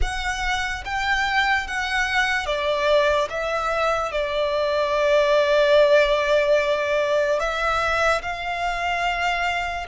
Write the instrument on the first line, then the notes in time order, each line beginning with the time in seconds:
violin
0.01 F#5
0.84 G5
1.67 F#5
2.46 D5
3.29 E5
4.11 D5
7.39 E5
8.22 F5